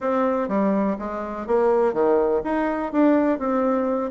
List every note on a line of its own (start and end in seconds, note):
0.00 0.48 C4
0.48 0.96 G3
0.98 1.46 G#3
1.46 1.93 A#3
1.93 2.41 D#3
2.43 2.92 D#4
2.92 3.38 D4
3.38 4.11 C4